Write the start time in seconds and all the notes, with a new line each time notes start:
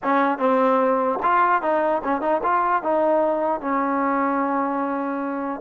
0.03 C#4
0.38 C4
1.22 F4
1.61 D#4
2.04 C#4
2.21 D#4
2.43 F4
2.82 D#4
3.60 C#4